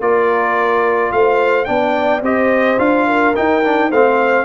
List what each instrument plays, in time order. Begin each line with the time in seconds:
0.00 tuba A#3, trombone F4, horn A#4, trumpet D5
1.12 tuba A3, horn C5, trumpet F5
1.65 tuba B3, trombone D4, horn D5, trumpet G5
2.21 tuba C4, trombone G4, horn C5, trumpet D#5
2.78 tuba D4, trombone F4, trumpet F5
3.06 horn A#4
3.35 trombone D#4, tuba D#4, trumpet G5
3.63 trombone D4
3.89 tuba A3, trombone C4, horn C5, trumpet F5